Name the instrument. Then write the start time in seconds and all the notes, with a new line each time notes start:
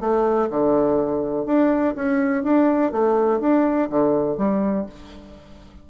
bassoon
0.00 A3
0.50 D3
1.46 D4
1.95 C#4
2.43 D4
2.92 A3
3.40 D4
3.90 D3
4.37 G3